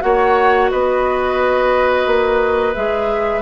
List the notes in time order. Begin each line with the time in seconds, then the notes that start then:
0.00 A#3 F#4 C#5 F#5
0.70 B3 B4 D#5
2.06 A#3
2.74 G#3 G#4 E5